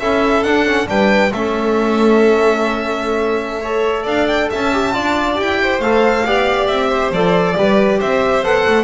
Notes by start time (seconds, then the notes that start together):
0.00 C#4 E4 A4 E5
0.43 D4 F#5
0.67 C#4
0.86 G3 D4 B4 G5
1.32 A3 C#4 A4 E5
3.61 A4 C#5
4.03 D4 D5 F5
4.27 G5
4.50 C#4 E5 A5
4.72 G4
4.93 D4 F4 D5
5.36 E4 G4 G5
5.62 C5
5.80 A3 A4 F5
6.26 B3 G4 D5
6.67 C4 E5
6.89 C5
7.11 F3 A4 D5
7.56 G3 G4 B4
7.98 C4 C5 E5
8.43 B3 A4 F#5
8.67 A3